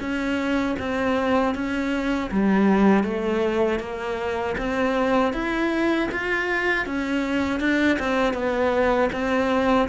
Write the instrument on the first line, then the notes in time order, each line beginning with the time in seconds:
cello
0.00 C#4
0.79 C4
1.54 C#4
2.31 G3
3.03 A3
3.79 A#3
4.57 C4
5.33 E4
6.11 F4
6.86 C#4
7.59 D4
7.99 C4
8.33 B3
9.12 C4